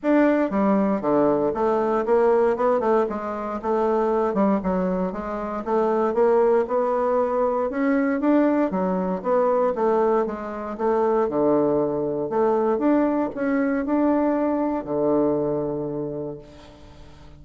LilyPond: \new Staff \with { instrumentName = "bassoon" } { \time 4/4 \tempo 4 = 117 d'4 g4 d4 a4 | ais4 b8 a8 gis4 a4~ | a8 g8 fis4 gis4 a4 | ais4 b2 cis'4 |
d'4 fis4 b4 a4 | gis4 a4 d2 | a4 d'4 cis'4 d'4~ | d'4 d2. | }